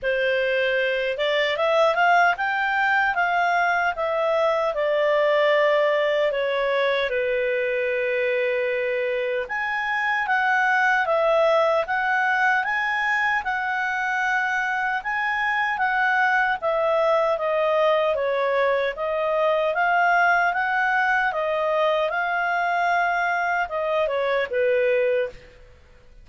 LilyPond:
\new Staff \with { instrumentName = "clarinet" } { \time 4/4 \tempo 4 = 76 c''4. d''8 e''8 f''8 g''4 | f''4 e''4 d''2 | cis''4 b'2. | gis''4 fis''4 e''4 fis''4 |
gis''4 fis''2 gis''4 | fis''4 e''4 dis''4 cis''4 | dis''4 f''4 fis''4 dis''4 | f''2 dis''8 cis''8 b'4 | }